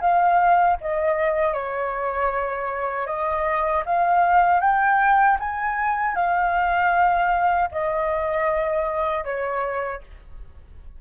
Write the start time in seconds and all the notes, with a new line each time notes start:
0.00 F5
0.80 D#5
1.53 C#5
3.06 D#5
3.85 F5
4.60 G5
5.40 G#5
6.15 F5
7.71 D#5
9.24 C#5